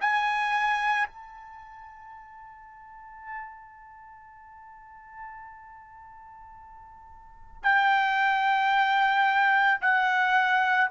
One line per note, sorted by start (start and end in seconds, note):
0.00 1.07 G#5
1.07 7.62 A5
7.63 9.81 G5
9.81 10.90 F#5